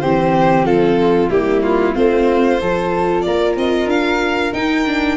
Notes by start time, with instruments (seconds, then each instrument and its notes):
0.00 tuba E3, viola C4, flute G4, violin C5
0.63 tuba F3, flute F4, violin A4
1.30 tuba G3, viola A#3, flute E4, violin G4
1.63 violin F4
1.94 tuba A3, viola C4, flute F4, violin C5
2.59 tuba F3, viola F4, flute A4
3.21 tuba A#3, flute A#4, violin D5
3.56 tuba C4, violin D#5
3.86 tuba D4, violin F5
4.53 tuba D#4, viola D#4, violin G5
4.86 viola D4